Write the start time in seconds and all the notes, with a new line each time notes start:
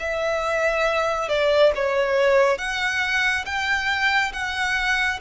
0.00 E5
1.29 D5
1.75 C#5
2.58 F#5
3.46 G5
4.33 F#5